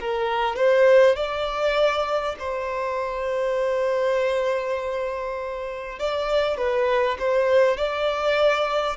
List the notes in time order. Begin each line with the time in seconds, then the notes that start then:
0.00 A#4
0.56 C5
1.16 D5
2.39 C5
5.99 D5
6.57 B4
7.19 C5
7.77 D5